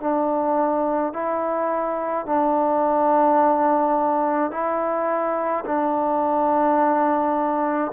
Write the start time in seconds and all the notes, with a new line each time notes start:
0.00 D4
1.13 E4
2.26 D4
4.51 E4
5.66 D4